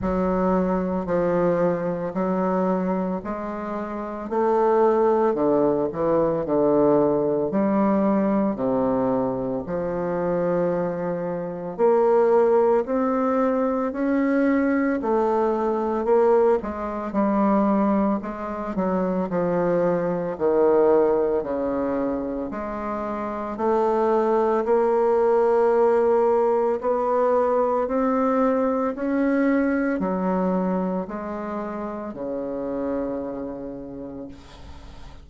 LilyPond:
\new Staff \with { instrumentName = "bassoon" } { \time 4/4 \tempo 4 = 56 fis4 f4 fis4 gis4 | a4 d8 e8 d4 g4 | c4 f2 ais4 | c'4 cis'4 a4 ais8 gis8 |
g4 gis8 fis8 f4 dis4 | cis4 gis4 a4 ais4~ | ais4 b4 c'4 cis'4 | fis4 gis4 cis2 | }